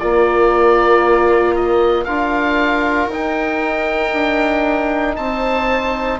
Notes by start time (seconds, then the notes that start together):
0.00 A#3 F4 D5
1.56 D#5
2.05 D4 F4 A#4 F5
3.08 D#4 G5
4.14 D4
5.16 C4 C5 A5